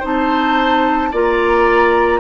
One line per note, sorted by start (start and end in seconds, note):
0.00 1.13 C4
0.00 1.12 D#4
0.00 1.09 C5
0.00 1.15 A5
1.12 2.20 A#3
1.12 2.20 F4
1.12 2.20 D5
1.12 2.20 A#5